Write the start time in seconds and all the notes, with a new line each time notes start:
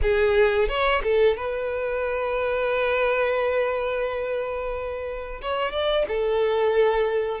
0.02 G#4
0.68 C#5
1.03 A4
1.36 B4
5.41 C#5
5.72 D5
6.08 A4